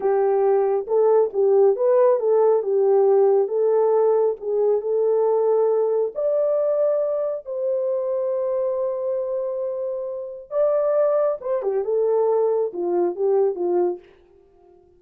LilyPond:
\new Staff \with { instrumentName = "horn" } { \time 4/4 \tempo 4 = 137 g'2 a'4 g'4 | b'4 a'4 g'2 | a'2 gis'4 a'4~ | a'2 d''2~ |
d''4 c''2.~ | c''1 | d''2 c''8 g'8 a'4~ | a'4 f'4 g'4 f'4 | }